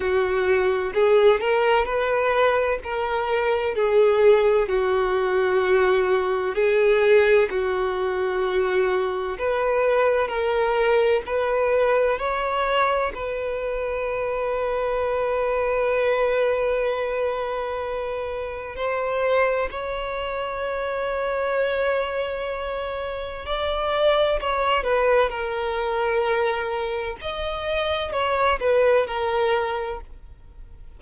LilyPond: \new Staff \with { instrumentName = "violin" } { \time 4/4 \tempo 4 = 64 fis'4 gis'8 ais'8 b'4 ais'4 | gis'4 fis'2 gis'4 | fis'2 b'4 ais'4 | b'4 cis''4 b'2~ |
b'1 | c''4 cis''2.~ | cis''4 d''4 cis''8 b'8 ais'4~ | ais'4 dis''4 cis''8 b'8 ais'4 | }